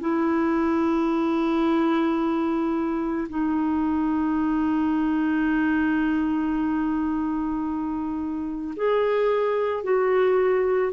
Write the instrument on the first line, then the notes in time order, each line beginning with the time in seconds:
clarinet
0.00 E4
3.29 D#4
8.76 G#4
9.83 F#4